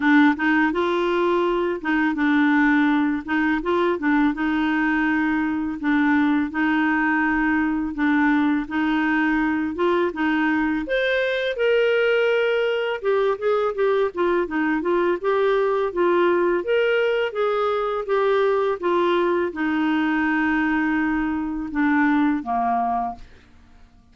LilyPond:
\new Staff \with { instrumentName = "clarinet" } { \time 4/4 \tempo 4 = 83 d'8 dis'8 f'4. dis'8 d'4~ | d'8 dis'8 f'8 d'8 dis'2 | d'4 dis'2 d'4 | dis'4. f'8 dis'4 c''4 |
ais'2 g'8 gis'8 g'8 f'8 | dis'8 f'8 g'4 f'4 ais'4 | gis'4 g'4 f'4 dis'4~ | dis'2 d'4 ais4 | }